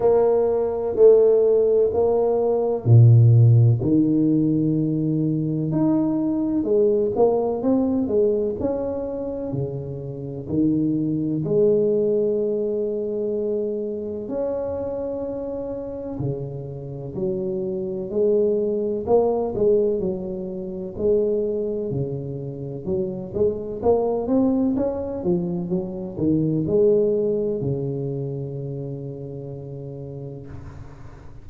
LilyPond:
\new Staff \with { instrumentName = "tuba" } { \time 4/4 \tempo 4 = 63 ais4 a4 ais4 ais,4 | dis2 dis'4 gis8 ais8 | c'8 gis8 cis'4 cis4 dis4 | gis2. cis'4~ |
cis'4 cis4 fis4 gis4 | ais8 gis8 fis4 gis4 cis4 | fis8 gis8 ais8 c'8 cis'8 f8 fis8 dis8 | gis4 cis2. | }